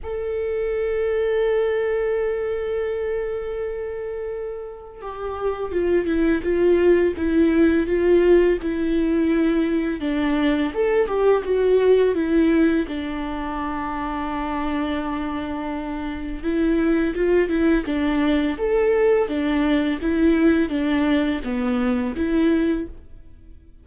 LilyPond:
\new Staff \with { instrumentName = "viola" } { \time 4/4 \tempo 4 = 84 a'1~ | a'2. g'4 | f'8 e'8 f'4 e'4 f'4 | e'2 d'4 a'8 g'8 |
fis'4 e'4 d'2~ | d'2. e'4 | f'8 e'8 d'4 a'4 d'4 | e'4 d'4 b4 e'4 | }